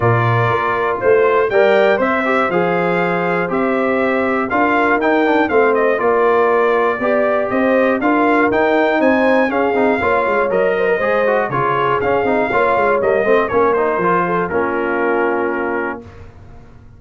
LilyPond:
<<
  \new Staff \with { instrumentName = "trumpet" } { \time 4/4 \tempo 4 = 120 d''2 c''4 g''4 | e''4 f''2 e''4~ | e''4 f''4 g''4 f''8 dis''8 | d''2. dis''4 |
f''4 g''4 gis''4 f''4~ | f''4 dis''2 cis''4 | f''2 dis''4 cis''8 c''8~ | c''4 ais'2. | }
  \new Staff \with { instrumentName = "horn" } { \time 4/4 ais'2 c''4 d''4 | c''1~ | c''4 ais'2 c''4 | ais'2 d''4 c''4 |
ais'2 c''4 gis'4 | cis''4. c''16 ais'16 c''4 gis'4~ | gis'4 cis''4. c''8 ais'4~ | ais'8 a'8 f'2. | }
  \new Staff \with { instrumentName = "trombone" } { \time 4/4 f'2. ais'4 | c''8 g'8 gis'2 g'4~ | g'4 f'4 dis'8 d'8 c'4 | f'2 g'2 |
f'4 dis'2 cis'8 dis'8 | f'4 ais'4 gis'8 fis'8 f'4 | cis'8 dis'8 f'4 ais8 c'8 cis'8 dis'8 | f'4 cis'2. | }
  \new Staff \with { instrumentName = "tuba" } { \time 4/4 ais,4 ais4 a4 g4 | c'4 f2 c'4~ | c'4 d'4 dis'4 a4 | ais2 b4 c'4 |
d'4 dis'4 c'4 cis'8 c'8 | ais8 gis8 fis4 gis4 cis4 | cis'8 c'8 ais8 gis8 g8 a8 ais4 | f4 ais2. | }
>>